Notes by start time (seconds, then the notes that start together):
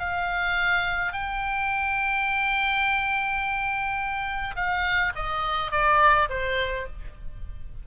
0.00 F5
1.13 G5
4.56 F5
5.16 D#5
5.72 D5
6.30 C5